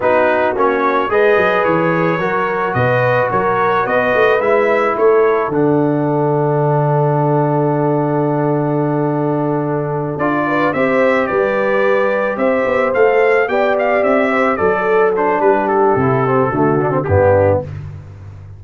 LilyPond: <<
  \new Staff \with { instrumentName = "trumpet" } { \time 4/4 \tempo 4 = 109 b'4 cis''4 dis''4 cis''4~ | cis''4 dis''4 cis''4 dis''4 | e''4 cis''4 fis''2~ | fis''1~ |
fis''2~ fis''8 d''4 e''8~ | e''8 d''2 e''4 f''8~ | f''8 g''8 f''8 e''4 d''4 c''8 | b'8 a'2~ a'8 g'4 | }
  \new Staff \with { instrumentName = "horn" } { \time 4/4 fis'2 b'2 | ais'4 b'4 ais'4 b'4~ | b'4 a'2.~ | a'1~ |
a'2. b'8 c''8~ | c''8 b'2 c''4.~ | c''8 d''4. c''8 a'4. | g'2 fis'4 d'4 | }
  \new Staff \with { instrumentName = "trombone" } { \time 4/4 dis'4 cis'4 gis'2 | fis'1 | e'2 d'2~ | d'1~ |
d'2~ d'8 f'4 g'8~ | g'2.~ g'8 a'8~ | a'8 g'2 a'4 d'8~ | d'4 e'8 c'8 a8 d'16 c'16 b4 | }
  \new Staff \with { instrumentName = "tuba" } { \time 4/4 b4 ais4 gis8 fis8 e4 | fis4 b,4 fis4 b8 a8 | gis4 a4 d2~ | d1~ |
d2~ d8 d'4 c'8~ | c'8 g2 c'8 b8 a8~ | a8 b4 c'4 fis4. | g4 c4 d4 g,4 | }
>>